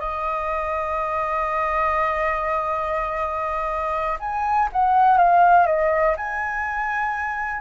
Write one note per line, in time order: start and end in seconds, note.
0.00 4.18 D#5
4.20 4.69 G#5
4.73 5.18 F#5
5.18 5.66 F5
5.66 6.16 D#5
6.17 7.61 G#5